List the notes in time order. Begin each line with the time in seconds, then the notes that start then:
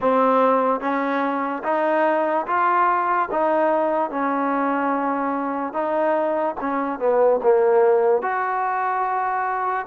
0.00 C4
0.80 C#4
1.63 D#4
2.47 F4
3.31 D#4
4.10 C#4
5.73 D#4
6.60 C#4
6.99 B3
7.42 A#3
8.22 F#4